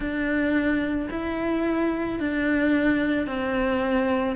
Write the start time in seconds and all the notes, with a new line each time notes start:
0.00 D4
1.10 E4
2.19 D4
3.27 C4